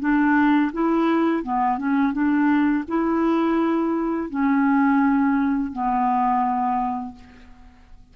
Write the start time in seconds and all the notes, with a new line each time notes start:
0.00 D4
0.72 E4
1.43 B3
1.78 C#4
2.13 D4
2.88 E4
4.30 C#4
5.72 B3